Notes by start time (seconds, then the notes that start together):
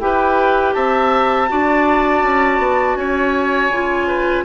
0.00 E4 G4 B4 G5
0.74 C4 E5 A5
1.49 D4 F#4 D5
2.23 C#4
2.59 B3
2.96 C#4 C#5 G#5
3.69 C#3 F4
4.08 B4